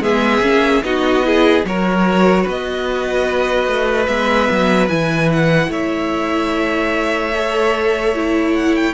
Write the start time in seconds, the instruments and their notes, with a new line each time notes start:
0.00 cello G#3, viola B3, violin G#4 E5
0.41 cello A#3, viola C#4
0.83 cello B3, viola D#4, violin F#4 D#5
1.24 viola E4, violin G#4
1.65 cello F#3, viola F#4, violin A#4 C#5
2.43 cello B3, violin B4
2.49 violin D#5
3.68 cello A3
4.07 cello G#3, viola B3, violin E5
4.51 cello F#3
4.89 cello E3, viola E4, violin G#5
5.33 violin F#5
5.69 cello A3, violin C#5 E5
7.35 viola A4
8.16 viola E4
8.55 violin F#5
8.76 violin G5